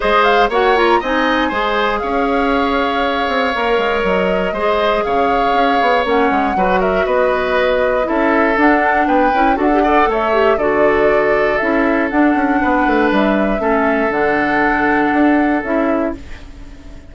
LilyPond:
<<
  \new Staff \with { instrumentName = "flute" } { \time 4/4 \tempo 4 = 119 dis''8 f''8 fis''8 ais''8 gis''2 | f''1 | dis''2 f''2 | fis''4. e''8 dis''2 |
e''4 fis''4 g''4 fis''4 | e''4 d''2 e''4 | fis''2 e''2 | fis''2. e''4 | }
  \new Staff \with { instrumentName = "oboe" } { \time 4/4 c''4 cis''4 dis''4 c''4 | cis''1~ | cis''4 c''4 cis''2~ | cis''4 b'8 ais'8 b'2 |
a'2 b'4 a'8 d''8 | cis''4 a'2.~ | a'4 b'2 a'4~ | a'1 | }
  \new Staff \with { instrumentName = "clarinet" } { \time 4/4 gis'4 fis'8 f'8 dis'4 gis'4~ | gis'2. ais'4~ | ais'4 gis'2. | cis'4 fis'2. |
e'4 d'4. e'8 fis'16 g'16 a'8~ | a'8 g'8 fis'2 e'4 | d'2. cis'4 | d'2. e'4 | }
  \new Staff \with { instrumentName = "bassoon" } { \time 4/4 gis4 ais4 c'4 gis4 | cis'2~ cis'8 c'8 ais8 gis8 | fis4 gis4 cis4 cis'8 b8 | ais8 gis8 fis4 b2 |
cis'4 d'4 b8 cis'8 d'4 | a4 d2 cis'4 | d'8 cis'8 b8 a8 g4 a4 | d2 d'4 cis'4 | }
>>